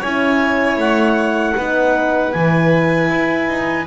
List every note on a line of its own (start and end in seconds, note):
0.00 0.77 C#4
0.00 1.56 E4
0.00 1.54 C#5
0.00 0.79 G#5
0.77 1.54 A3
0.77 2.33 F#5
1.56 2.34 B3
1.56 2.33 D#4
1.56 3.87 B4
2.33 3.10 E3
2.33 3.87 E4
2.33 3.86 G#5
3.10 3.48 E4
3.49 3.87 D#4